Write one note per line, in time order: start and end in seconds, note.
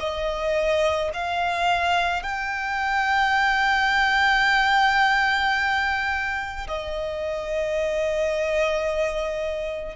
0.00 1.11 D#5
1.14 2.23 F5
2.23 6.68 G5
6.68 9.96 D#5